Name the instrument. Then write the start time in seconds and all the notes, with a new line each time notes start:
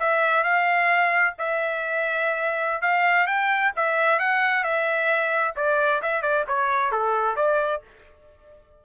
trumpet
0.00 E5
0.44 F5
1.39 E5
2.82 F5
3.27 G5
3.76 E5
4.19 F#5
4.64 E5
5.56 D5
6.02 E5
6.23 D5
6.48 C#5
6.92 A4
7.36 D5